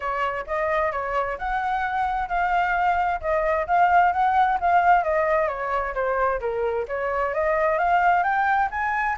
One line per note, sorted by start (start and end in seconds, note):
0.00 0.45 C#5
0.46 0.92 D#5
0.92 1.37 C#5
1.38 2.28 F#5
2.28 3.20 F5
3.20 3.66 D#5
3.66 4.12 F5
4.12 4.58 F#5
4.60 5.03 F5
5.03 5.48 D#5
5.48 5.94 C#5
5.94 6.40 C5
6.40 6.86 A#4
6.88 7.34 C#5
7.34 7.78 D#5
7.78 8.23 F5
8.23 8.69 G5
8.70 9.16 G#5